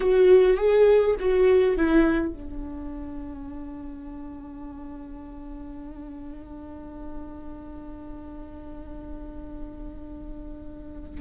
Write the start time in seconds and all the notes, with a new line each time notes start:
0.00 F#4
0.57 G#4
1.19 F#4
1.76 E4
2.32 D4